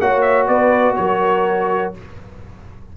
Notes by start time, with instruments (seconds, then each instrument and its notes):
0.00 tuba A#3, trombone F#4, horn C#5, trumpet F#5
0.21 trumpet E5
0.47 tuba B3, horn B4, trumpet D5
0.95 tuba F#3, horn A#4, trumpet C#5